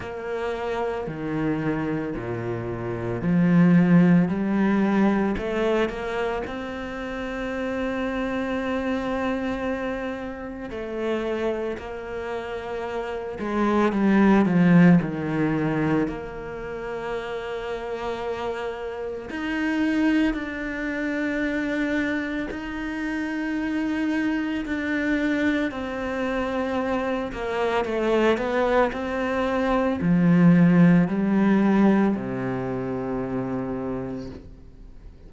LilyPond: \new Staff \with { instrumentName = "cello" } { \time 4/4 \tempo 4 = 56 ais4 dis4 ais,4 f4 | g4 a8 ais8 c'2~ | c'2 a4 ais4~ | ais8 gis8 g8 f8 dis4 ais4~ |
ais2 dis'4 d'4~ | d'4 dis'2 d'4 | c'4. ais8 a8 b8 c'4 | f4 g4 c2 | }